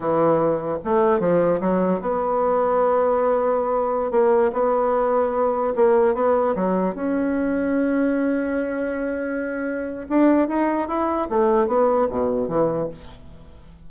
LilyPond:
\new Staff \with { instrumentName = "bassoon" } { \time 4/4 \tempo 4 = 149 e2 a4 f4 | fis4 b2.~ | b2~ b16 ais4 b8.~ | b2~ b16 ais4 b8.~ |
b16 fis4 cis'2~ cis'8.~ | cis'1~ | cis'4 d'4 dis'4 e'4 | a4 b4 b,4 e4 | }